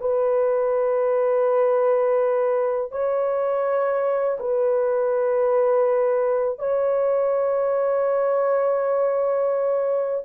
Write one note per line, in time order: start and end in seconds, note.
0.00 2.91 B4
2.91 4.38 C#5
4.39 6.59 B4
6.59 10.24 C#5